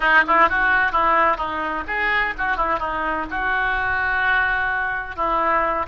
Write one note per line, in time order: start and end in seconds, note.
0.00 0.23 D#4
0.27 0.49 E4
0.49 0.92 F#4
0.92 1.37 E4
1.37 1.84 D#4
1.87 2.34 G#4
2.38 2.56 F#4
2.56 2.79 E4
2.79 3.26 D#4
3.30 5.16 F#4
5.16 5.86 E4